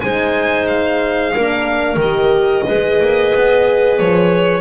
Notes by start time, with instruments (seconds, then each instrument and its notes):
0.00 double bass G#3, horn D#4, clarinet C5, violin G#5
0.67 violin F5
1.34 double bass A#3, horn D4, clarinet A#4
1.96 double bass D#3, horn G4, violin D#5
2.65 double bass G#3, horn G#4, clarinet B4
3.00 double bass A#3
3.34 double bass B3
3.98 double bass F3, violin C#5